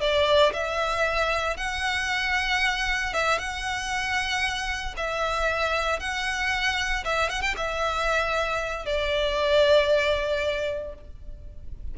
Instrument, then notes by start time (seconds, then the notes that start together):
violin
0.00 D5
0.53 E5
1.57 F#5
3.13 E5
3.38 F#5
4.96 E5
5.99 F#5
7.04 E5
7.29 F#5
7.41 G5
7.57 E5
8.85 D5